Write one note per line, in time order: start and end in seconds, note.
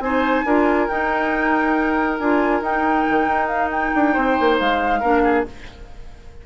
0.00 0.43 C4
0.00 0.47 D#4
0.00 0.46 C5
0.00 0.88 G#5
0.45 0.89 D4
0.45 0.89 F4
0.45 4.13 A#4
0.88 2.19 D#4
0.88 2.20 D#4
0.88 2.19 G5
2.19 2.62 D4
2.19 2.63 F4
2.19 2.62 G#5
2.62 3.05 D#4
2.62 5.02 D#4
2.62 3.48 G5
3.10 3.27 D#3
3.27 3.92 D#4
3.48 3.70 F5
3.72 4.59 G5
3.95 4.17 D4
4.13 4.38 C4
4.13 5.00 C5
4.41 4.60 A#3
4.59 5.03 G#3
4.59 5.46 F5
5.00 5.46 A#3
5.00 5.46 D4
5.00 5.22 A#4
5.24 5.46 G#4